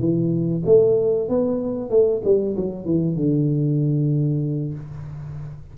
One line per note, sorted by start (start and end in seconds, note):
0.00 0.63 E3
0.66 1.29 A3
1.29 1.90 B3
1.90 2.22 A3
2.24 2.56 G3
2.57 2.85 F#3
2.85 3.16 E3
3.16 4.74 D3